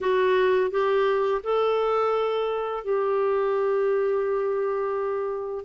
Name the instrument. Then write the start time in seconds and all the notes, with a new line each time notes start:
clarinet
0.00 F#4
0.71 G4
1.43 A4
2.84 G4